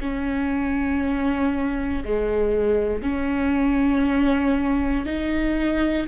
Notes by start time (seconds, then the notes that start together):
0.00 C#4
2.04 G#3
3.02 C#4
5.05 D#4